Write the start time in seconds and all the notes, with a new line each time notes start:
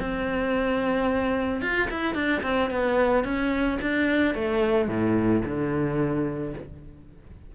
0.00 C4
1.62 F4
1.91 E4
2.15 D4
2.43 C4
2.71 B3
3.25 C#4
3.82 D4
4.35 A3
4.88 A2
5.45 D3